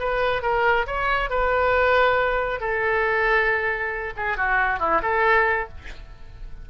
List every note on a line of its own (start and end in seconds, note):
0.00 0.43 B4
0.43 0.87 A#4
0.87 1.30 C#5
1.30 2.61 B4
2.61 4.14 A4
4.17 4.38 G#4
4.38 4.80 F#4
4.80 5.02 E4
5.03 5.69 A4